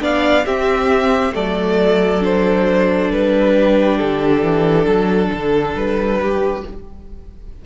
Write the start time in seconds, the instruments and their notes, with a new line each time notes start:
0.00 cello B3, viola D4, violin D5 F5
0.45 viola C4, cello C4, violin G4 E5
1.33 cello F#3, viola A3, violin A4 D5
2.20 viola D4, violin C5
3.11 cello G3, violin B4
3.54 violin G4
3.98 cello D3, violin A4
4.42 cello E3
4.86 cello F#3, violin A4
5.33 cello D3
5.75 cello G3, violin B4
6.22 violin G4